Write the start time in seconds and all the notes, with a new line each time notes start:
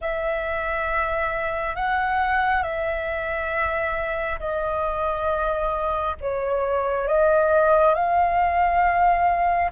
0.01 E5
1.75 F#5
2.62 E5
4.39 D#5
6.20 C#5
7.07 D#5
7.94 F5